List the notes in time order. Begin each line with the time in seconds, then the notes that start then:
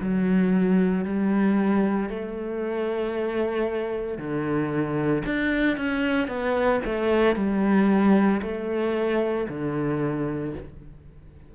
0.00 F#3
1.04 G3
2.10 A3
4.17 D3
5.25 D4
5.77 C#4
6.28 B3
6.85 A3
7.36 G3
8.42 A3
9.49 D3